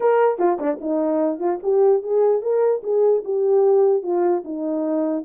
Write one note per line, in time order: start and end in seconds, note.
0.00 0.38 A#4
0.38 0.58 F4
0.59 0.79 D4
0.81 1.39 D#4
1.39 1.59 F4
1.63 2.02 G4
2.02 2.41 G#4
2.41 2.82 A#4
2.83 3.23 G#4
3.24 4.02 G4
4.02 4.43 F4
4.44 5.25 D#4